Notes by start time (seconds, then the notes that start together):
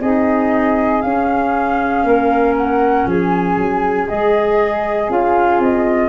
0.00 C4 D#4 G#4 D#5
1.01 C#4 F5
2.03 A#3 A#4
2.57 F#5
3.05 F3 G#4 G#5
3.57 F#3
4.08 G#3 G#4 D#5
5.09 C#4 F4 F5
5.59 C4 D#5